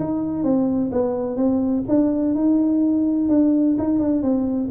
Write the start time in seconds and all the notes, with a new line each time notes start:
0.00 D#4
0.44 C4
0.93 B3
1.37 C4
1.89 D4
2.35 D#4
3.29 D4
3.79 D#4
4.00 D4
4.23 C4